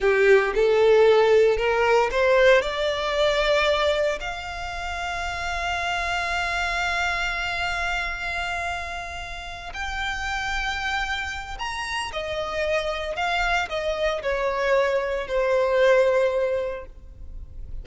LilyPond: \new Staff \with { instrumentName = "violin" } { \time 4/4 \tempo 4 = 114 g'4 a'2 ais'4 | c''4 d''2. | f''1~ | f''1~ |
f''2~ f''8 g''4.~ | g''2 ais''4 dis''4~ | dis''4 f''4 dis''4 cis''4~ | cis''4 c''2. | }